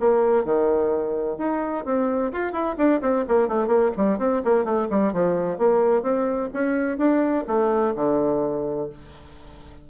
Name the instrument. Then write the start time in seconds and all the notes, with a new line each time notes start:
bassoon
0.00 A#3
0.45 D#3
1.38 D#4
1.86 C4
2.33 F4
2.53 E4
2.78 D4
3.02 C4
3.29 A#3
3.49 A3
3.68 A#3
3.97 G3
4.19 C4
4.45 A#3
4.65 A3
4.90 G3
5.13 F3
5.59 A#3
6.03 C4
6.54 C#4
6.98 D4
7.48 A3
7.96 D3